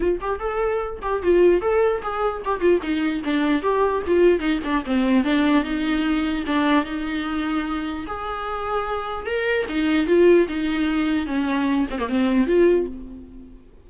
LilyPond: \new Staff \with { instrumentName = "viola" } { \time 4/4 \tempo 4 = 149 f'8 g'8 a'4. g'8 f'4 | a'4 gis'4 g'8 f'8 dis'4 | d'4 g'4 f'4 dis'8 d'8 | c'4 d'4 dis'2 |
d'4 dis'2. | gis'2. ais'4 | dis'4 f'4 dis'2 | cis'4. c'16 ais16 c'4 f'4 | }